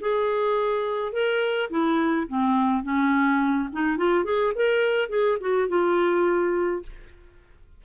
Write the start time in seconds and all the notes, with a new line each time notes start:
0.00 G#4
1.12 A#4
1.70 E4
2.28 C4
2.83 C#4
3.72 D#4
3.97 F4
4.24 G#4
4.55 A#4
5.09 G#4
5.40 F#4
5.68 F4